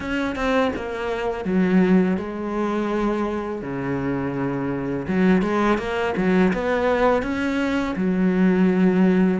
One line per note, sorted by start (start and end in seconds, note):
0.00 0.35 C#4
0.35 0.71 C4
0.76 1.45 A#3
1.45 2.17 F#3
2.17 3.61 G#3
3.61 5.06 C#3
5.07 5.42 F#3
5.42 5.77 G#3
5.77 6.13 A#3
6.16 6.53 F#3
6.53 7.22 B3
7.22 7.95 C#4
7.96 9.40 F#3